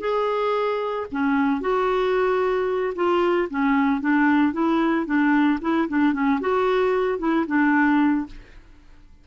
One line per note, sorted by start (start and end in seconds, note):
0.00 1.06 G#4
1.11 1.60 C#4
1.60 2.93 F#4
2.95 3.48 F4
3.50 4.01 C#4
4.01 4.53 D4
4.53 5.06 E4
5.06 5.59 D4
5.61 5.88 E4
5.88 6.13 D4
6.13 6.40 C#4
6.41 7.19 F#4
7.19 7.46 E4
7.47 8.26 D4